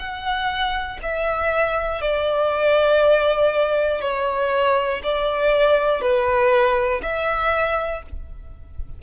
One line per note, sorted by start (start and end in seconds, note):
0.00 1.00 F#5
1.03 2.01 E5
2.01 4.01 D5
4.01 5.01 C#5
5.04 6.02 D5
6.02 7.02 B4
7.03 8.03 E5